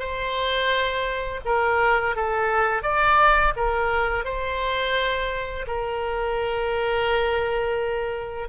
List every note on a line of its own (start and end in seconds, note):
0.00 1.41 C5
1.45 2.16 A#4
2.16 2.83 A4
2.83 3.54 D5
3.57 4.25 A#4
4.25 5.66 C5
5.68 8.49 A#4